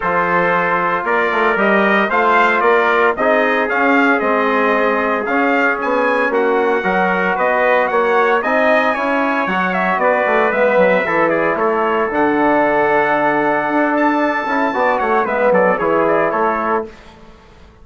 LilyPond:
<<
  \new Staff \with { instrumentName = "trumpet" } { \time 4/4 \tempo 4 = 114 c''2 d''4 dis''4 | f''4 d''4 dis''4 f''4 | dis''2 f''4 gis''4 | fis''2 dis''4 fis''4 |
gis''2 fis''8 e''8 d''4 | e''4. d''8 cis''4 fis''4~ | fis''2~ fis''8 a''4.~ | a''8 fis''8 e''8 d''8 cis''8 d''8 cis''4 | }
  \new Staff \with { instrumentName = "trumpet" } { \time 4/4 a'2 ais'2 | c''4 ais'4 gis'2~ | gis'1 | fis'4 ais'4 b'4 cis''4 |
dis''4 cis''2 b'4~ | b'4 a'8 gis'8 a'2~ | a'1 | d''8 cis''8 b'8 a'8 gis'4 a'4 | }
  \new Staff \with { instrumentName = "trombone" } { \time 4/4 f'2. g'4 | f'2 dis'4 cis'4 | c'2 cis'2~ | cis'4 fis'2. |
dis'4 e'4 fis'2 | b4 e'2 d'4~ | d'2.~ d'8 e'8 | fis'4 b4 e'2 | }
  \new Staff \with { instrumentName = "bassoon" } { \time 4/4 f2 ais8 a8 g4 | a4 ais4 c'4 cis'4 | gis2 cis'4 b4 | ais4 fis4 b4 ais4 |
c'4 cis'4 fis4 b8 a8 | gis8 fis8 e4 a4 d4~ | d2 d'4. cis'8 | b8 a8 gis8 fis8 e4 a4 | }
>>